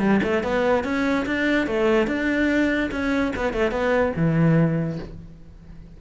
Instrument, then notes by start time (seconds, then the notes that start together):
cello
0.00 G3
0.24 A3
0.44 B3
0.85 C#4
1.27 D4
1.67 A3
2.08 D4
2.92 C#4
3.36 B3
3.54 A3
3.72 B3
4.17 E3